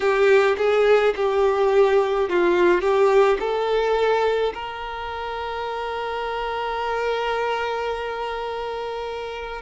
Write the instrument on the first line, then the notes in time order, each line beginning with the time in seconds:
violin
0.00 G4
0.57 G#4
1.16 G4
2.29 F4
2.80 G4
3.40 A4
4.54 A#4